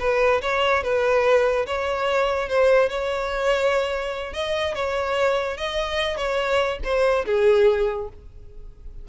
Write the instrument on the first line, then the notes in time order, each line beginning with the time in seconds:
violin
0.00 B4
0.42 C#5
0.84 B4
1.67 C#5
2.49 C5
2.89 C#5
4.34 D#5
4.75 C#5
5.58 D#5
6.17 C#5
6.84 C5
7.26 G#4